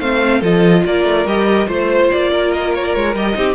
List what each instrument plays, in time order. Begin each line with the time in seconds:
0.00 cello A3, viola C4, violin C5 F5
0.40 cello F3, viola F4, violin A4 D#5
0.85 cello A#3, violin A#4 D5
1.04 cello A3
1.26 cello G3, viola G4, violin D#5
1.67 cello A3, viola F4, violin C5
2.12 cello A#3, violin D5
2.33 violin A#4
2.52 violin D#5
2.75 violin C#5
2.85 violin D5
2.94 cello G#3, violin C#5
3.15 cello G3, viola G4, violin D#5
3.34 cello C4, viola D#4, violin G4